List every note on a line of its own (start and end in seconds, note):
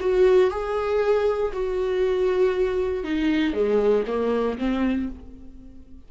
0.00 0.51 F#4
0.51 1.52 G#4
1.53 3.04 F#4
3.04 3.53 D#4
3.53 4.04 G#3
4.07 4.58 A#3
4.58 5.09 C4